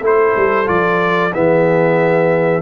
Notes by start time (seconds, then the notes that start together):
0.00 A3 E4 A4 C5
0.36 G3
0.65 F3 F4 D5
1.33 E3 B3 G#4 E5